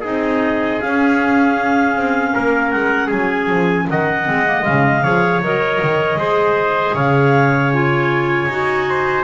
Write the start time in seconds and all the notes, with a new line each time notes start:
0.00 C4 D#4 G#4 D#5
0.80 C#4 F5
1.96 C4
2.33 A#3 A#4
2.70 G#3 F#5
3.06 F#3 G#4 G#5
3.49 F3
3.89 D#3 D#5 F#5
4.25 G#3 C4
4.46 A#3
4.61 C#3 G#3 F5
5.02 F3 G#4 C#5
5.41 F#3 A#4 D#5
5.81 D#3
6.15 G#3 G#4 C5
6.93 C#3 C#5 F5
7.73 F4 G#5
8.48 D#4 F#4
8.89 C5